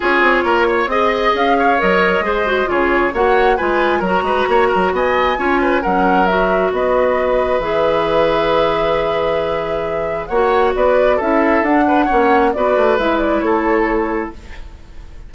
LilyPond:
<<
  \new Staff \with { instrumentName = "flute" } { \time 4/4 \tempo 4 = 134 cis''2 dis''4 f''4 | dis''2 cis''4 fis''4 | gis''4 ais''2 gis''4~ | gis''4 fis''4 e''4 dis''4~ |
dis''4 e''2.~ | e''2. fis''4 | d''4 e''4 fis''2 | d''4 e''8 d''8 cis''2 | }
  \new Staff \with { instrumentName = "oboe" } { \time 4/4 gis'4 ais'8 cis''8 dis''4. cis''8~ | cis''4 c''4 gis'4 cis''4 | b'4 ais'8 b'8 cis''8 ais'8 dis''4 | cis''8 b'8 ais'2 b'4~ |
b'1~ | b'2. cis''4 | b'4 a'4. b'8 cis''4 | b'2 a'2 | }
  \new Staff \with { instrumentName = "clarinet" } { \time 4/4 f'2 gis'2 | ais'4 gis'8 fis'8 f'4 fis'4 | f'4 fis'2. | f'4 cis'4 fis'2~ |
fis'4 gis'2.~ | gis'2. fis'4~ | fis'4 e'4 d'4 cis'4 | fis'4 e'2. | }
  \new Staff \with { instrumentName = "bassoon" } { \time 4/4 cis'8 c'8 ais4 c'4 cis'4 | fis4 gis4 cis4 ais4 | gis4 fis8 gis8 ais8 fis8 b4 | cis'4 fis2 b4~ |
b4 e2.~ | e2. ais4 | b4 cis'4 d'4 ais4 | b8 a8 gis4 a2 | }
>>